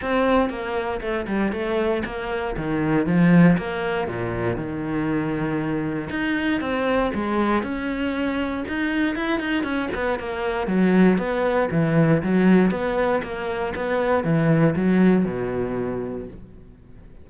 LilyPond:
\new Staff \with { instrumentName = "cello" } { \time 4/4 \tempo 4 = 118 c'4 ais4 a8 g8 a4 | ais4 dis4 f4 ais4 | ais,4 dis2. | dis'4 c'4 gis4 cis'4~ |
cis'4 dis'4 e'8 dis'8 cis'8 b8 | ais4 fis4 b4 e4 | fis4 b4 ais4 b4 | e4 fis4 b,2 | }